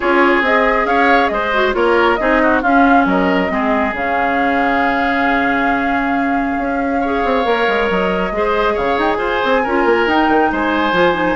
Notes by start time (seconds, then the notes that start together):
0.00 C#4 F4 G#4 C#5
0.41 C4 G#4 D#5
0.85 C#4 C#5 F5
1.27 G#3 C5 D#5
1.54 F#4
1.73 A#3 F4 A#4 C#5
2.15 C4 D#4 G#4 D#5
2.42 F#4
2.62 C#4 F4 F5
3.05 F#3 A#4 D#5
3.48 G#3 C4 G#4
3.92 C#3 C#4 F5
6.57 C#4
7.01 G#4 C#5
7.24 C4
7.43 A#3 A#4
7.68 G#3
7.90 F#3 D#5
8.31 G#3 G#4 C5
8.73 C#3 C#5 F5
8.98 D#4 G5
9.11 G#5
9.18 F4 C5
9.44 C4
9.63 C#4 F4 A#4
9.85 A#3
10.06 D#4 G5
10.28 D#3
10.51 G#3 C5 G#5
10.92 F3 F4
11.13 D#4